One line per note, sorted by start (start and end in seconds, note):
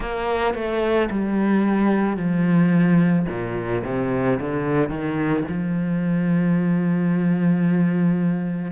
0.00 0.54 A#3
0.54 1.09 A3
1.10 2.16 G3
2.16 3.25 F3
3.28 3.83 A#2
3.84 4.39 C3
4.40 4.88 D3
4.88 5.43 D#3
5.48 8.71 F3